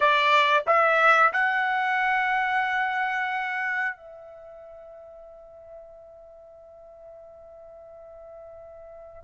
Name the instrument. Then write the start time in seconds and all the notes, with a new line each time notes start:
trumpet
0.00 D5
0.66 E5
1.32 F#5
3.96 E5